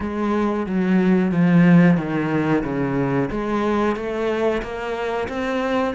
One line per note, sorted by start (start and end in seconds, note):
0.00 0.66 G#3
0.66 1.31 F#3
1.31 1.97 F3
1.97 2.63 D#3
2.63 3.29 C#3
3.30 3.96 G#3
3.96 4.62 A3
4.62 5.28 A#3
5.28 5.94 C4